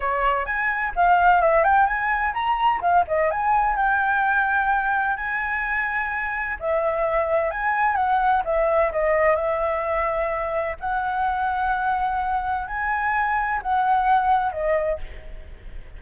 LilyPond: \new Staff \with { instrumentName = "flute" } { \time 4/4 \tempo 4 = 128 cis''4 gis''4 f''4 e''8 g''8 | gis''4 ais''4 f''8 dis''8 gis''4 | g''2. gis''4~ | gis''2 e''2 |
gis''4 fis''4 e''4 dis''4 | e''2. fis''4~ | fis''2. gis''4~ | gis''4 fis''2 dis''4 | }